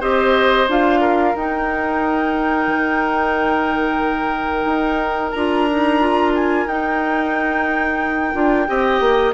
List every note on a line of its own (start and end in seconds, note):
0.00 0.67 C4
0.00 0.67 G4
0.00 1.00 C5
0.00 0.68 D#5
0.67 1.34 D4
0.67 1.35 F4
0.67 1.36 F5
1.01 8.67 A#4
1.35 2.67 D#4
1.35 5.36 D#4
1.35 5.31 G5
2.67 4.65 D#3
4.65 5.31 D#4
5.31 6.66 D4
5.31 5.69 F4
5.31 6.31 A#5
5.71 6.00 D#4
6.00 6.67 F4
6.35 6.67 G#5
6.66 8.33 D#4
6.66 9.33 G5
8.33 8.68 D4
8.33 8.66 F4
8.67 9.00 C4
8.67 9.33 G4
8.67 9.33 D#5
9.00 9.33 A#3